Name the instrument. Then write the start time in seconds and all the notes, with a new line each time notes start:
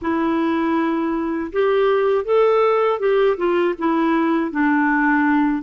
clarinet
0.01 E4
1.52 G4
2.24 A4
2.99 G4
3.37 F4
3.78 E4
4.51 D4